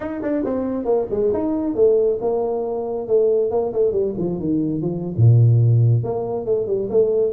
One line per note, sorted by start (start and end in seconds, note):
0.00 0.21 D#4
0.22 0.44 D4
0.44 0.85 C4
0.85 1.07 A#3
1.10 1.32 G#3
1.33 1.75 D#4
1.75 2.19 A3
2.21 3.07 A#3
3.07 3.50 A3
3.50 3.72 A#3
3.72 3.92 A3
3.92 4.13 G3
4.17 4.39 F3
4.39 4.81 D#3
4.81 5.14 F3
5.17 6.03 A#2
6.03 6.45 A#3
6.45 6.66 A3
6.66 6.88 G3
6.90 7.32 A3